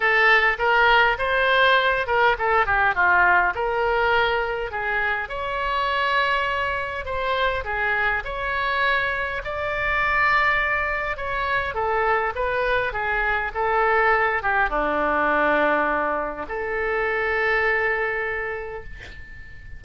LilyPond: \new Staff \with { instrumentName = "oboe" } { \time 4/4 \tempo 4 = 102 a'4 ais'4 c''4. ais'8 | a'8 g'8 f'4 ais'2 | gis'4 cis''2. | c''4 gis'4 cis''2 |
d''2. cis''4 | a'4 b'4 gis'4 a'4~ | a'8 g'8 d'2. | a'1 | }